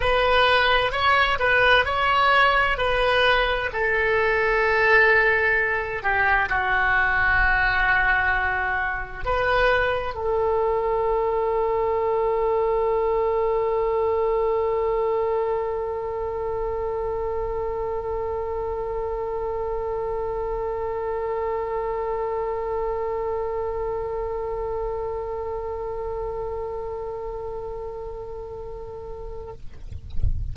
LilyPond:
\new Staff \with { instrumentName = "oboe" } { \time 4/4 \tempo 4 = 65 b'4 cis''8 b'8 cis''4 b'4 | a'2~ a'8 g'8 fis'4~ | fis'2 b'4 a'4~ | a'1~ |
a'1~ | a'1~ | a'1~ | a'1 | }